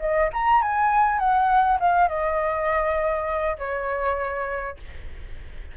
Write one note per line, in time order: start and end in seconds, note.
0.00 0.30 D#5
0.33 0.62 A#5
0.62 1.19 G#5
1.19 1.78 F#5
1.80 2.08 F5
2.08 3.57 D#5
3.58 4.77 C#5